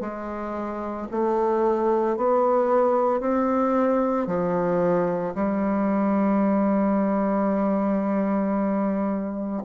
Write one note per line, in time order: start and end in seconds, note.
0.00 1.07 G#3
1.11 2.16 A3
2.16 3.20 B3
3.20 4.26 C4
4.26 5.33 F3
5.34 9.63 G3